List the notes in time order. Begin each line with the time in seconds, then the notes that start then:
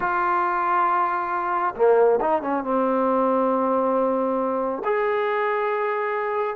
0.00 F4
1.75 A#3
2.20 D#4
2.42 C#4
2.63 C4
4.84 G#4